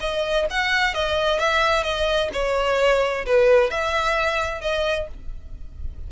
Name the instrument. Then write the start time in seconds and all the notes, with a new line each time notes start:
violin
0.00 D#5
0.50 F#5
0.94 D#5
1.39 E5
1.83 D#5
2.33 C#5
3.26 B4
3.70 E5
4.61 D#5